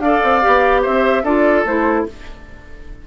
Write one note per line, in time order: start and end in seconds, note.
0.00 0.20 D4
0.00 0.42 A4
0.00 0.82 D5
0.00 0.82 F5
0.24 0.44 C4
0.42 0.87 B3
0.42 1.24 G4
0.82 1.24 C4
0.82 1.23 C5
0.82 1.25 E5
1.24 1.65 D4
1.24 1.66 F4
1.24 2.05 A4
1.24 1.66 D5
1.65 2.06 A3
1.65 2.07 E4
1.65 2.07 C5